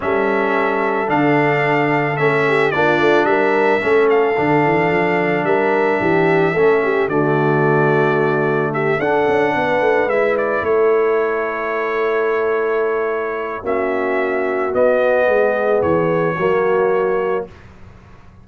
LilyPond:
<<
  \new Staff \with { instrumentName = "trumpet" } { \time 4/4 \tempo 4 = 110 e''2 f''2 | e''4 d''4 e''4. f''8~ | f''2 e''2~ | e''4 d''2. |
e''8 fis''2 e''8 d''8 cis''8~ | cis''1~ | cis''4 e''2 dis''4~ | dis''4 cis''2. | }
  \new Staff \with { instrumentName = "horn" } { \time 4/4 a'1~ | a'8 g'8 f'4 ais'4 a'4~ | a'2 ais'4 g'4 | a'8 g'8 fis'2. |
g'8 a'4 b'2 a'8~ | a'1~ | a'4 fis'2. | gis'2 fis'2 | }
  \new Staff \with { instrumentName = "trombone" } { \time 4/4 cis'2 d'2 | cis'4 d'2 cis'4 | d'1 | cis'4 a2.~ |
a8 d'2 e'4.~ | e'1~ | e'4 cis'2 b4~ | b2 ais2 | }
  \new Staff \with { instrumentName = "tuba" } { \time 4/4 g2 d2 | a4 ais8 a8 g4 a4 | d8 e8 f4 g4 e4 | a4 d2.~ |
d8 d'8 cis'8 b8 a8 gis4 a8~ | a1~ | a4 ais2 b4 | gis4 e4 fis2 | }
>>